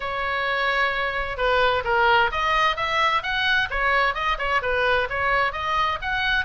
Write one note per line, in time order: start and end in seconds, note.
0.00 1.37 C#5
1.37 1.83 B4
1.84 2.30 A#4
2.31 2.76 D#5
2.76 3.22 E5
3.22 3.68 F#5
3.70 4.14 C#5
4.14 4.37 D#5
4.38 4.61 C#5
4.62 5.08 B4
5.09 5.52 C#5
5.52 5.98 D#5
6.01 6.45 F#5